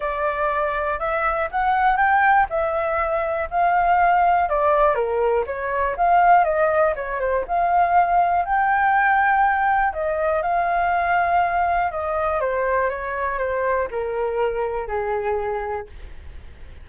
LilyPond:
\new Staff \with { instrumentName = "flute" } { \time 4/4 \tempo 4 = 121 d''2 e''4 fis''4 | g''4 e''2 f''4~ | f''4 d''4 ais'4 cis''4 | f''4 dis''4 cis''8 c''8 f''4~ |
f''4 g''2. | dis''4 f''2. | dis''4 c''4 cis''4 c''4 | ais'2 gis'2 | }